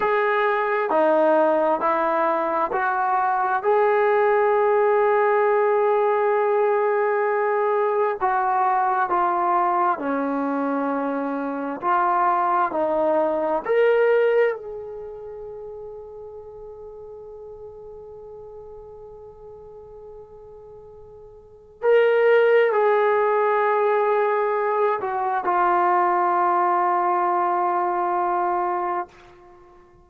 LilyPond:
\new Staff \with { instrumentName = "trombone" } { \time 4/4 \tempo 4 = 66 gis'4 dis'4 e'4 fis'4 | gis'1~ | gis'4 fis'4 f'4 cis'4~ | cis'4 f'4 dis'4 ais'4 |
gis'1~ | gis'1 | ais'4 gis'2~ gis'8 fis'8 | f'1 | }